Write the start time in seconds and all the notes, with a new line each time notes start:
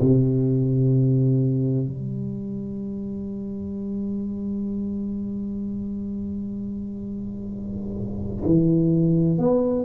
0.00 C3
1.87 G3
8.45 E3
9.38 B3